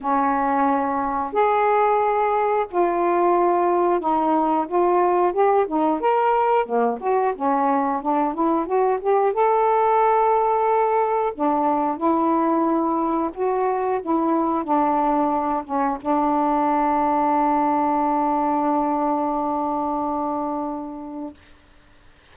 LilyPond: \new Staff \with { instrumentName = "saxophone" } { \time 4/4 \tempo 4 = 90 cis'2 gis'2 | f'2 dis'4 f'4 | g'8 dis'8 ais'4 ais8 fis'8 cis'4 | d'8 e'8 fis'8 g'8 a'2~ |
a'4 d'4 e'2 | fis'4 e'4 d'4. cis'8 | d'1~ | d'1 | }